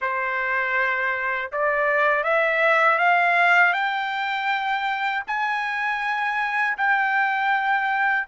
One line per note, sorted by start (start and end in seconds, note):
0.01 1.51 C5
1.51 2.23 D5
2.23 2.98 E5
2.98 3.73 F5
3.73 5.23 G5
5.27 6.77 G#5
6.77 8.27 G5